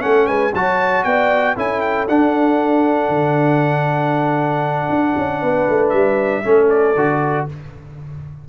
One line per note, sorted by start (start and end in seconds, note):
0.00 0.28 A3
0.00 0.51 C#4
0.00 0.28 A4
0.00 0.27 F#5
0.27 0.54 G#3
0.27 0.54 B4
0.27 0.53 G#5
0.54 1.05 F#3
0.54 1.57 F#4
0.54 1.05 C#5
0.54 1.04 A5
1.04 1.57 B3
1.04 1.57 D5
1.04 1.56 G5
1.57 2.09 C#4
1.57 2.08 E4
1.57 5.41 A4
1.57 1.81 G#5
1.81 2.07 G5
2.09 3.10 D4
2.09 6.45 D4
2.09 5.90 F#5
3.10 4.89 D3
4.90 5.15 D4
5.17 5.43 C#4
5.41 5.68 B3
5.41 6.43 B4
5.69 5.93 A3
5.90 6.44 G3
5.90 6.66 E5
6.45 6.96 A3
6.45 6.96 C#4
6.45 7.48 A4
6.70 7.47 D5
6.96 7.47 D3
6.96 7.49 F#4